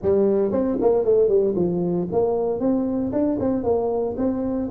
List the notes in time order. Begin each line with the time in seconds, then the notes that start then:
0.02 G3
0.51 C4
0.81 A#3
1.04 A3
1.28 G3
1.55 F3
2.12 A#3
2.59 C4
3.12 D4
3.39 C4
3.63 A#3
4.17 C4